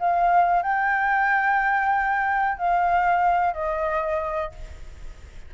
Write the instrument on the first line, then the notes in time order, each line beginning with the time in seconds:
flute
0.00 F5
0.63 G5
2.58 F5
3.54 D#5